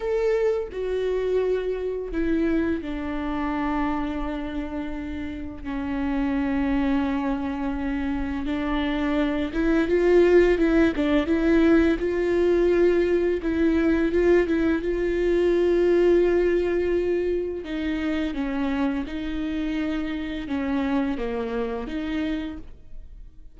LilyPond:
\new Staff \with { instrumentName = "viola" } { \time 4/4 \tempo 4 = 85 a'4 fis'2 e'4 | d'1 | cis'1 | d'4. e'8 f'4 e'8 d'8 |
e'4 f'2 e'4 | f'8 e'8 f'2.~ | f'4 dis'4 cis'4 dis'4~ | dis'4 cis'4 ais4 dis'4 | }